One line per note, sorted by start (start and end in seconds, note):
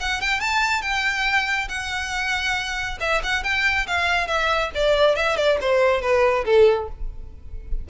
0.00 0.21 F#5
0.21 0.40 G5
0.40 0.81 A5
0.81 1.68 G5
1.69 2.98 F#5
3.00 3.22 E5
3.23 3.43 F#5
3.43 3.86 G5
3.87 4.27 F5
4.27 4.71 E5
4.74 5.16 D5
5.16 5.36 E5
5.36 5.58 D5
5.61 6.01 C5
6.01 6.44 B4
6.45 6.88 A4